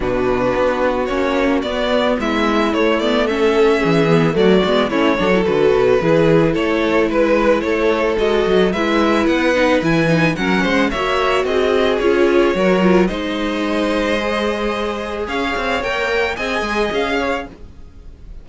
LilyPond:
<<
  \new Staff \with { instrumentName = "violin" } { \time 4/4 \tempo 4 = 110 b'2 cis''4 d''4 | e''4 cis''8 d''8 e''2 | d''4 cis''4 b'2 | cis''4 b'4 cis''4 dis''4 |
e''4 fis''4 gis''4 fis''4 | e''4 dis''4 cis''2 | dis''1 | f''4 g''4 gis''4 f''4 | }
  \new Staff \with { instrumentName = "violin" } { \time 4/4 fis'1 | e'2 a'4 gis'4 | fis'4 e'8 a'4. gis'4 | a'4 b'4 a'2 |
b'2. ais'8 c''8 | cis''4 gis'2 ais'4 | c''1 | cis''2 dis''4. cis''8 | }
  \new Staff \with { instrumentName = "viola" } { \time 4/4 d'2 cis'4 b4~ | b4 a8 b8 cis'4. b8 | a8 b8 cis'8 d'16 e'16 fis'4 e'4~ | e'2. fis'4 |
e'4. dis'8 e'8 dis'8 cis'4 | fis'2 f'4 fis'8 f'8 | dis'2 gis'2~ | gis'4 ais'4 gis'2 | }
  \new Staff \with { instrumentName = "cello" } { \time 4/4 b,4 b4 ais4 b4 | gis4 a2 e4 | fis8 gis8 a8 fis8 d8 b,8 e4 | a4 gis4 a4 gis8 fis8 |
gis4 b4 e4 fis8 gis8 | ais4 c'4 cis'4 fis4 | gis1 | cis'8 c'8 ais4 c'8 gis8 cis'4 | }
>>